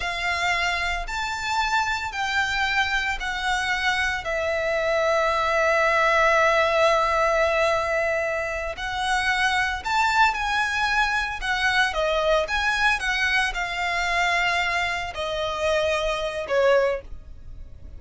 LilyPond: \new Staff \with { instrumentName = "violin" } { \time 4/4 \tempo 4 = 113 f''2 a''2 | g''2 fis''2 | e''1~ | e''1~ |
e''8 fis''2 a''4 gis''8~ | gis''4. fis''4 dis''4 gis''8~ | gis''8 fis''4 f''2~ f''8~ | f''8 dis''2~ dis''8 cis''4 | }